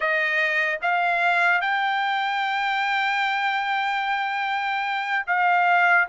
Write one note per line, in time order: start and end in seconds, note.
0.00 0.78 D#5
0.81 1.61 F5
1.61 5.26 G5
5.27 6.08 F5